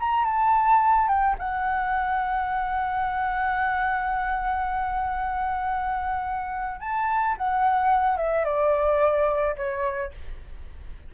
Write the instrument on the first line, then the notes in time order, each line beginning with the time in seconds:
flute
0.00 A#5
0.25 A5
1.08 G5
1.39 F#5
6.81 A5
7.38 F#5
8.18 E5
8.45 D5
9.57 C#5